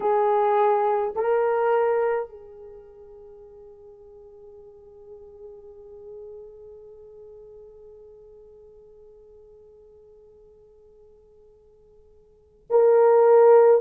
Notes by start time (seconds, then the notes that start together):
0.00 G#4
1.15 A#4
2.29 G#4
12.69 A#4